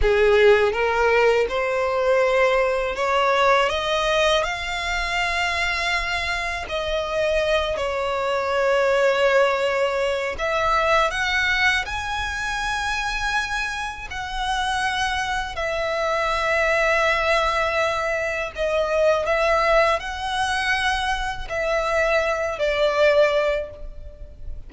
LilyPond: \new Staff \with { instrumentName = "violin" } { \time 4/4 \tempo 4 = 81 gis'4 ais'4 c''2 | cis''4 dis''4 f''2~ | f''4 dis''4. cis''4.~ | cis''2 e''4 fis''4 |
gis''2. fis''4~ | fis''4 e''2.~ | e''4 dis''4 e''4 fis''4~ | fis''4 e''4. d''4. | }